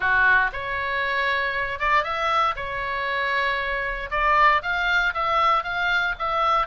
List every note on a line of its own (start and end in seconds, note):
0.00 0.50 F#4
0.52 1.79 C#5
1.79 2.03 D5
2.03 2.54 E5
2.55 4.09 C#5
4.10 4.62 D5
4.62 5.13 F5
5.14 5.63 E5
5.63 6.14 F5
6.19 6.67 E5